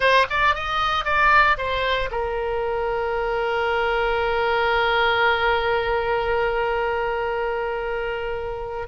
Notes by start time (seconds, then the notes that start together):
0.00 C5
0.30 D5
0.54 D#5
1.05 D5
1.57 C5
2.11 A#4